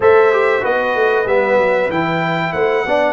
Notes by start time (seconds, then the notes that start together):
0.00 A3 A4 C5 E5
0.32 G4
0.61 B3 F#4 B4 D#5
0.94 A3
1.25 G3 B3 E5
1.57 F#3
1.89 E3 E4 G5
2.52 A3 C5 F#5
2.85 B3 D4 D5